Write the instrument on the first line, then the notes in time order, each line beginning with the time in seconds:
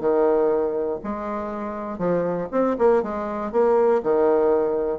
bassoon
0.00 D#3
1.03 G#3
1.98 F3
2.51 C4
2.78 A#3
3.03 G#3
3.52 A#3
4.03 D#3